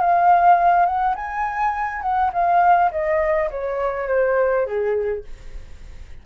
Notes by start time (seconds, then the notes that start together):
0.00 F5
0.86 F#5
1.15 G#5
2.02 F#5
2.32 F5
2.91 D#5
3.50 C#5
4.08 C5
4.66 G#4